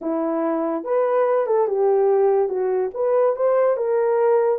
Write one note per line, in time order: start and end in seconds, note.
0.01 0.84 E4
0.84 1.46 B4
1.46 1.67 A4
1.67 2.48 G4
2.48 2.90 F#4
2.94 3.35 B4
3.36 3.77 C5
3.77 4.59 A#4